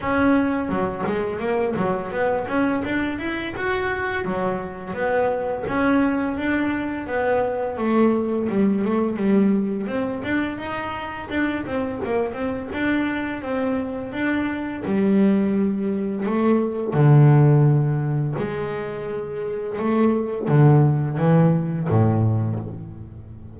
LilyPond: \new Staff \with { instrumentName = "double bass" } { \time 4/4 \tempo 4 = 85 cis'4 fis8 gis8 ais8 fis8 b8 cis'8 | d'8 e'8 fis'4 fis4 b4 | cis'4 d'4 b4 a4 | g8 a8 g4 c'8 d'8 dis'4 |
d'8 c'8 ais8 c'8 d'4 c'4 | d'4 g2 a4 | d2 gis2 | a4 d4 e4 a,4 | }